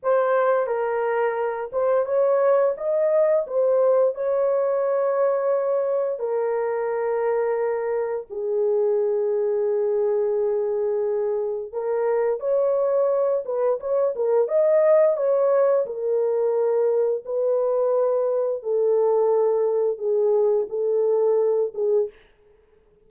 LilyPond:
\new Staff \with { instrumentName = "horn" } { \time 4/4 \tempo 4 = 87 c''4 ais'4. c''8 cis''4 | dis''4 c''4 cis''2~ | cis''4 ais'2. | gis'1~ |
gis'4 ais'4 cis''4. b'8 | cis''8 ais'8 dis''4 cis''4 ais'4~ | ais'4 b'2 a'4~ | a'4 gis'4 a'4. gis'8 | }